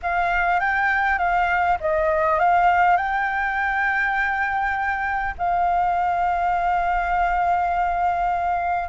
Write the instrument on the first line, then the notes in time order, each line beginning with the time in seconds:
flute
0.02 F5
0.59 G5
1.18 F5
1.80 D#5
2.39 F5
2.96 G5
5.38 F5